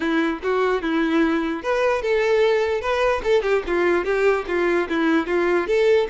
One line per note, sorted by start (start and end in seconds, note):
0.00 0.39 E4
0.43 0.82 F#4
0.82 1.63 E4
1.63 2.01 B4
2.01 2.81 A4
2.81 3.21 B4
3.23 3.42 A4
3.42 3.62 G4
3.66 4.04 F4
4.04 4.45 G4
4.47 4.88 F4
4.88 5.26 E4
5.26 5.67 F4
5.67 6.07 A4